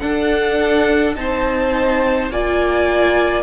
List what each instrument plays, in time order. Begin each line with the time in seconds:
0.00 viola D4, cello D4, violin A4 F#5
1.16 cello C4, viola D#4, violin C5 A5
2.30 cello A#3, viola F4, violin D5 G#5